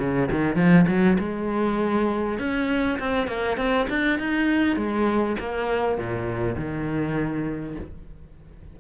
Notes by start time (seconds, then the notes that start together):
0.00 C#3
0.32 D#3
0.56 F3
0.88 F#3
1.19 G#3
2.39 C#4
2.99 C4
3.28 A#3
3.58 C4
3.90 D4
4.20 D#4
4.77 G#3
5.40 A#3
5.99 A#2
6.56 D#3